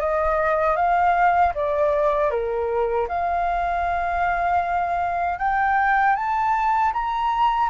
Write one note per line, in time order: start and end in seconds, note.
0.00 0.76 D#5
0.76 1.53 F5
1.55 2.30 D5
2.30 3.07 A#4
3.08 5.39 F5
5.39 6.16 G5
6.16 6.93 A5
6.93 7.70 A#5